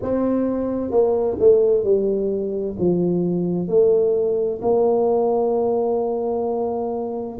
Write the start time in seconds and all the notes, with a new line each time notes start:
0.02 C4
0.90 A#3
1.38 A3
1.83 G3
2.78 F3
3.68 A3
4.62 A#3